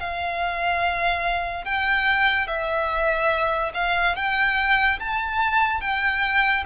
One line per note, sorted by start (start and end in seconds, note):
0.00 1.65 F5
1.65 2.47 G5
2.47 3.72 E5
3.74 4.16 F5
4.16 4.99 G5
5.00 5.81 A5
5.81 6.64 G5